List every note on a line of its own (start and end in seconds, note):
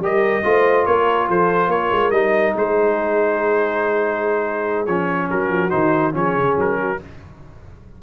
0.00 0.42 G3
0.00 0.44 G4
0.00 0.44 A#4
0.00 0.86 D#5
0.44 0.87 A3
0.44 2.13 F4
0.44 0.86 C5
0.86 1.29 A#3
0.86 1.28 A#4
0.86 1.28 C#5
1.28 1.68 F3
1.28 1.71 A4
1.28 1.71 C5
1.68 1.89 A#3
1.68 2.56 A#4
1.68 2.11 C#5
1.91 2.11 G#3
2.11 2.54 G3
2.11 4.87 D#4
2.11 2.53 D#5
2.56 4.87 G#3
2.56 5.30 G#4
2.56 4.86 C5
4.86 5.30 F3
4.86 5.70 C#4
4.86 5.28 C#5
5.30 5.49 F#3
5.30 6.14 F#4
5.30 5.70 A#4
5.49 5.70 F3
5.70 6.14 D#3
5.70 6.12 D#4
5.70 6.12 C5
6.12 6.36 F3
6.12 6.97 C#4
6.12 6.79 G#4
6.12 6.58 C#5
6.36 6.57 C#3
6.57 6.99 F#3
6.57 7.03 A#4
6.79 7.00 F#4